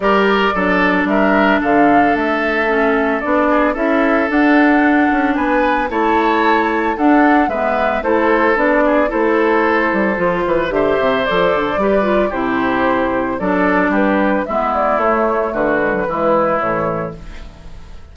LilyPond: <<
  \new Staff \with { instrumentName = "flute" } { \time 4/4 \tempo 4 = 112 d''2 e''4 f''4 | e''2 d''4 e''4 | fis''2 gis''4 a''4~ | a''4 fis''4 e''4 c''4 |
d''4 c''2. | e''4 d''2 c''4~ | c''4 d''4 b'4 e''8 d''8 | cis''4 b'2 cis''4 | }
  \new Staff \with { instrumentName = "oboe" } { \time 4/4 ais'4 a'4 ais'4 a'4~ | a'2~ a'8 gis'8 a'4~ | a'2 b'4 cis''4~ | cis''4 a'4 b'4 a'4~ |
a'8 gis'8 a'2~ a'8 b'8 | c''2 b'4 g'4~ | g'4 a'4 g'4 e'4~ | e'4 fis'4 e'2 | }
  \new Staff \with { instrumentName = "clarinet" } { \time 4/4 g'4 d'2.~ | d'4 cis'4 d'4 e'4 | d'2. e'4~ | e'4 d'4 b4 e'4 |
d'4 e'2 f'4 | g'4 a'4 g'8 f'8 e'4~ | e'4 d'2 b4 | a4. gis16 fis16 gis4 e4 | }
  \new Staff \with { instrumentName = "bassoon" } { \time 4/4 g4 fis4 g4 d4 | a2 b4 cis'4 | d'4. cis'8 b4 a4~ | a4 d'4 gis4 a4 |
b4 a4. g8 f8 e8 | d8 c8 f8 d8 g4 c4~ | c4 fis4 g4 gis4 | a4 d4 e4 a,4 | }
>>